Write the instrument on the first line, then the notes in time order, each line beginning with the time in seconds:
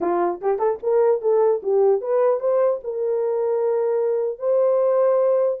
horn
0.00 F4
0.41 G4
0.58 A4
0.83 A#4
1.21 A4
1.62 G4
2.01 B4
2.40 C5
2.83 A#4
4.38 C5